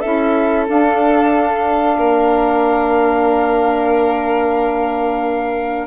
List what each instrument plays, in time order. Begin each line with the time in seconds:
0.00 bassoon C#4, saxophone E4, violin A4, flute E5
0.67 saxophone D4, bassoon D4, flute F5
1.96 bassoon A#3, violin A#4